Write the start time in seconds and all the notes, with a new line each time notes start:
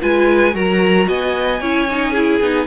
0.00 G#3 F4 B4 G#5
0.52 F#3 F#4 A#4 A#5
1.07 B3 D#5 G#5
1.60 C#4 E4 C#5
1.90 D#4
2.11 E4 G#4
2.40 B3 D#4